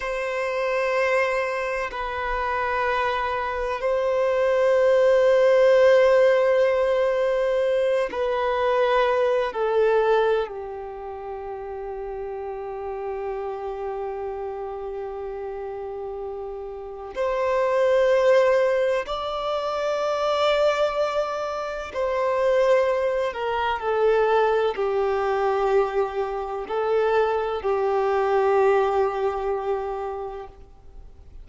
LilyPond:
\new Staff \with { instrumentName = "violin" } { \time 4/4 \tempo 4 = 63 c''2 b'2 | c''1~ | c''8 b'4. a'4 g'4~ | g'1~ |
g'2 c''2 | d''2. c''4~ | c''8 ais'8 a'4 g'2 | a'4 g'2. | }